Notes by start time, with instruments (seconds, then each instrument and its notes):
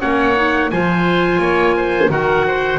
0.00 double bass A#3, clarinet C#4, oboe C#5, trumpet F#5
0.36 clarinet D#4
0.71 double bass F3, clarinet F4, oboe C5, trumpet G#5
1.39 double bass A#3, oboe C#5
1.77 oboe C5
2.09 double bass D#3, clarinet F#4, oboe A#4, trumpet F#5
2.48 oboe C5